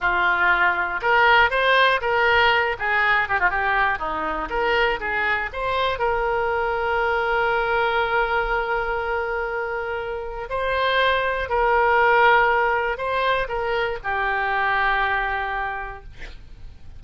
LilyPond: \new Staff \with { instrumentName = "oboe" } { \time 4/4 \tempo 4 = 120 f'2 ais'4 c''4 | ais'4. gis'4 g'16 f'16 g'4 | dis'4 ais'4 gis'4 c''4 | ais'1~ |
ais'1~ | ais'4 c''2 ais'4~ | ais'2 c''4 ais'4 | g'1 | }